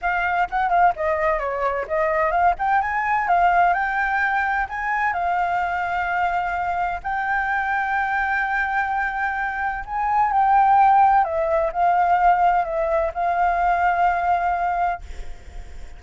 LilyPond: \new Staff \with { instrumentName = "flute" } { \time 4/4 \tempo 4 = 128 f''4 fis''8 f''8 dis''4 cis''4 | dis''4 f''8 g''8 gis''4 f''4 | g''2 gis''4 f''4~ | f''2. g''4~ |
g''1~ | g''4 gis''4 g''2 | e''4 f''2 e''4 | f''1 | }